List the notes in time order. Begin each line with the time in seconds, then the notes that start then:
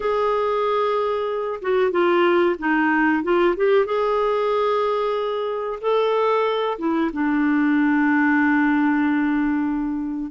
0.00 G#4
1.61 F#4
1.91 F4
2.58 D#4
3.23 F4
3.56 G4
3.85 G#4
5.81 A4
6.78 E4
7.13 D4